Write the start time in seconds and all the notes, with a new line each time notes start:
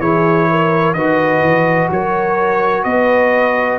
0.00 E3 E4 G#4 C#5
0.50 A#4
0.94 D#3 F#4 B4 D#5
1.41 E3
1.90 F#3 A#4 C#5
2.84 B3 B4 D#5